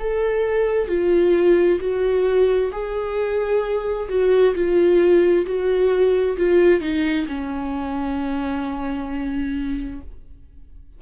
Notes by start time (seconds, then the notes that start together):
0.00 A4
0.89 F4
1.81 F#4
2.73 G#4
4.10 F#4
4.55 F4
5.47 F#4
6.38 F4
6.81 D#4
7.29 C#4